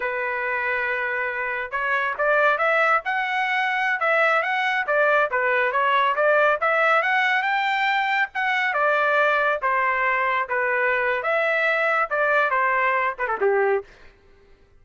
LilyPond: \new Staff \with { instrumentName = "trumpet" } { \time 4/4 \tempo 4 = 139 b'1 | cis''4 d''4 e''4 fis''4~ | fis''4~ fis''16 e''4 fis''4 d''8.~ | d''16 b'4 cis''4 d''4 e''8.~ |
e''16 fis''4 g''2 fis''8.~ | fis''16 d''2 c''4.~ c''16~ | c''16 b'4.~ b'16 e''2 | d''4 c''4. b'16 a'16 g'4 | }